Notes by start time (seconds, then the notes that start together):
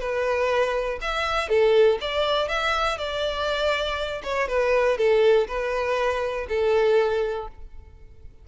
0.00 B4
1.01 E5
1.49 A4
2.01 D5
2.49 E5
2.98 D5
4.23 C#5
4.48 B4
4.98 A4
5.48 B4
6.49 A4